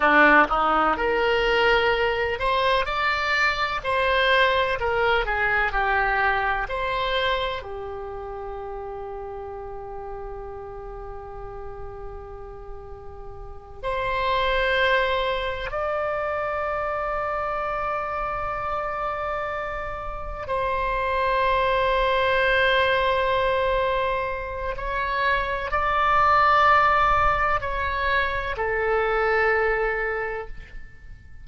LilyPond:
\new Staff \with { instrumentName = "oboe" } { \time 4/4 \tempo 4 = 63 d'8 dis'8 ais'4. c''8 d''4 | c''4 ais'8 gis'8 g'4 c''4 | g'1~ | g'2~ g'8 c''4.~ |
c''8 d''2.~ d''8~ | d''4. c''2~ c''8~ | c''2 cis''4 d''4~ | d''4 cis''4 a'2 | }